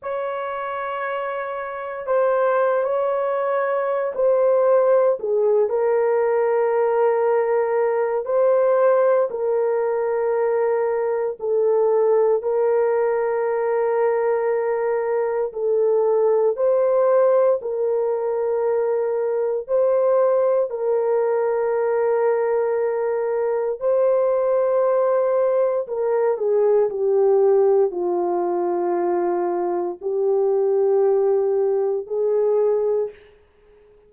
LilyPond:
\new Staff \with { instrumentName = "horn" } { \time 4/4 \tempo 4 = 58 cis''2 c''8. cis''4~ cis''16 | c''4 gis'8 ais'2~ ais'8 | c''4 ais'2 a'4 | ais'2. a'4 |
c''4 ais'2 c''4 | ais'2. c''4~ | c''4 ais'8 gis'8 g'4 f'4~ | f'4 g'2 gis'4 | }